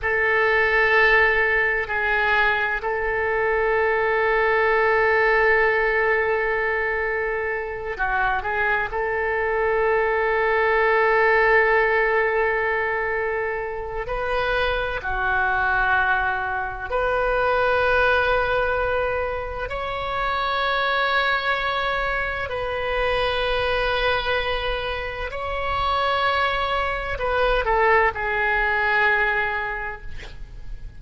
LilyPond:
\new Staff \with { instrumentName = "oboe" } { \time 4/4 \tempo 4 = 64 a'2 gis'4 a'4~ | a'1~ | a'8 fis'8 gis'8 a'2~ a'8~ | a'2. b'4 |
fis'2 b'2~ | b'4 cis''2. | b'2. cis''4~ | cis''4 b'8 a'8 gis'2 | }